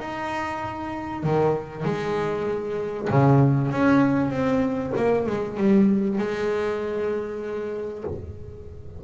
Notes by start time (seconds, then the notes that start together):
0.00 D#4
1.24 D#3
1.85 G#3
3.10 C#3
3.71 C#4
4.31 C4
4.97 A#3
5.27 G#3
5.58 G3
6.19 G#3